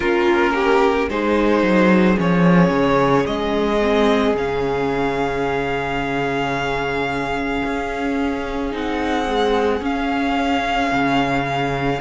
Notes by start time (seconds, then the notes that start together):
0.00 A#3 C#4 F4 A#4
0.54 G4
1.09 G#3 D#4 G#4 C5
1.62 F#3
2.16 F3 C#4 C#5
2.70 C#3
3.26 G#3 D#5
3.81 C4
4.34 C#3 C#4 F5
7.65 C#4
8.71 C4 D#4 F#5
9.26 G#3
9.81 C#4 F5
10.91 C#3